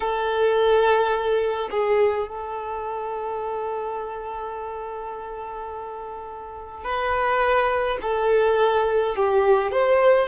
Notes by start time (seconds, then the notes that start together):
0.00 A4
1.70 G#4
2.28 A4
6.83 B4
8.01 A4
9.16 G4
9.71 C5